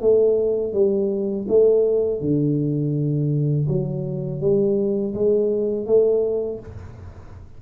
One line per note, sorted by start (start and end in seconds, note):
0.00 0.73 A3
0.73 1.46 G3
1.48 2.21 A3
2.21 3.67 D3
3.68 4.40 F#3
4.40 5.14 G3
5.14 5.86 G#3
5.86 6.59 A3